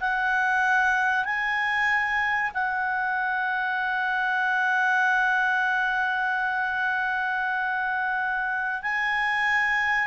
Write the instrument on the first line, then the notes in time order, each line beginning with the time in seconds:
clarinet
0.00 F#5
1.25 G#5
2.54 F#5
8.82 G#5